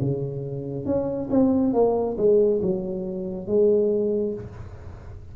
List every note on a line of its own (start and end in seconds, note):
0.00 0.85 C#3
0.85 1.28 C#4
1.30 1.73 C4
1.73 2.16 A#3
2.17 2.60 G#3
2.61 3.47 F#3
3.47 4.34 G#3